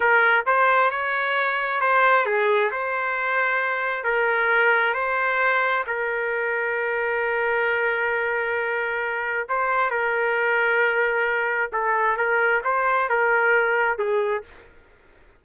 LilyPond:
\new Staff \with { instrumentName = "trumpet" } { \time 4/4 \tempo 4 = 133 ais'4 c''4 cis''2 | c''4 gis'4 c''2~ | c''4 ais'2 c''4~ | c''4 ais'2.~ |
ais'1~ | ais'4 c''4 ais'2~ | ais'2 a'4 ais'4 | c''4 ais'2 gis'4 | }